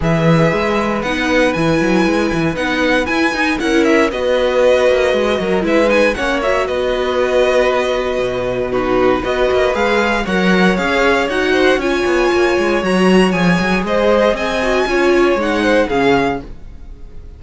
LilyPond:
<<
  \new Staff \with { instrumentName = "violin" } { \time 4/4 \tempo 4 = 117 e''2 fis''4 gis''4~ | gis''4 fis''4 gis''4 fis''8 e''8 | dis''2. e''8 gis''8 | fis''8 e''8 dis''2.~ |
dis''4 b'4 dis''4 f''4 | fis''4 f''4 fis''4 gis''4~ | gis''4 ais''4 gis''4 dis''4 | gis''2 fis''4 f''4 | }
  \new Staff \with { instrumentName = "violin" } { \time 4/4 b'1~ | b'2. ais'4 | b'2~ b'8 ais'8 b'4 | cis''4 b'2.~ |
b'4 fis'4 b'2 | cis''2~ cis''8 c''8 cis''4~ | cis''2. c''4 | dis''4 cis''4. c''8 gis'4 | }
  \new Staff \with { instrumentName = "viola" } { \time 4/4 gis'2 dis'4 e'4~ | e'4 dis'4 e'8 dis'8 e'4 | fis'2. e'8 dis'8 | cis'8 fis'2.~ fis'8~ |
fis'4 dis'4 fis'4 gis'4 | ais'4 gis'4 fis'4 f'4~ | f'4 fis'4 gis'2~ | gis'8 fis'8 f'4 dis'4 cis'4 | }
  \new Staff \with { instrumentName = "cello" } { \time 4/4 e4 gis4 b4 e8 fis8 | gis8 e8 b4 e'8 dis'8 cis'4 | b4. ais8 gis8 fis8 gis4 | ais4 b2. |
b,2 b8 ais8 gis4 | fis4 cis'4 dis'4 cis'8 b8 | ais8 gis8 fis4 f8 fis8 gis4 | c'4 cis'4 gis4 cis4 | }
>>